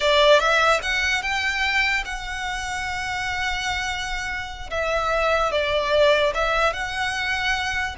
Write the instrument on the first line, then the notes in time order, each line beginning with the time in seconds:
violin
0.00 D5
0.39 E5
0.82 F#5
1.22 G5
2.04 F#5
4.70 E5
5.51 D5
6.34 E5
6.73 F#5